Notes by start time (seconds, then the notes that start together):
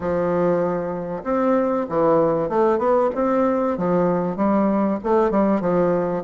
0.00 F3
1.23 C4
1.89 E3
2.49 A3
2.78 B3
3.14 C4
3.77 F3
4.36 G3
5.03 A3
5.30 G3
5.60 F3